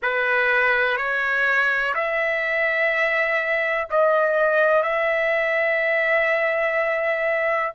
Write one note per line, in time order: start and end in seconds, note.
0.02 0.97 B4
0.97 1.94 C#5
1.94 3.88 E5
3.90 4.82 D#5
4.82 7.72 E5